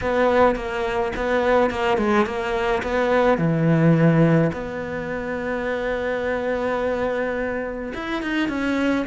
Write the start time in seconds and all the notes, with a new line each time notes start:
0.01 B3
0.55 A#3
1.16 B3
1.70 A#3
1.97 G#3
2.25 A#3
2.83 B3
3.38 E3
4.53 B3
7.93 E4
8.22 D#4
8.49 C#4